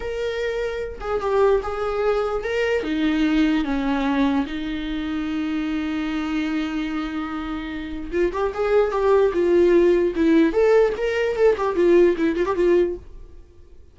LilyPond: \new Staff \with { instrumentName = "viola" } { \time 4/4 \tempo 4 = 148 ais'2~ ais'8 gis'8 g'4 | gis'2 ais'4 dis'4~ | dis'4 cis'2 dis'4~ | dis'1~ |
dis'1 | f'8 g'8 gis'4 g'4 f'4~ | f'4 e'4 a'4 ais'4 | a'8 g'8 f'4 e'8 f'16 g'16 f'4 | }